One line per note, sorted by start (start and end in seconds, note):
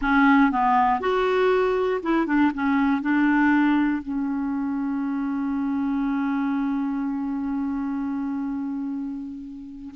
0.01 0.51 C#4
0.51 1.00 B3
1.00 2.01 F#4
2.03 2.26 E4
2.26 2.51 D4
2.54 3.01 C#4
3.01 4.02 D4
4.02 9.94 C#4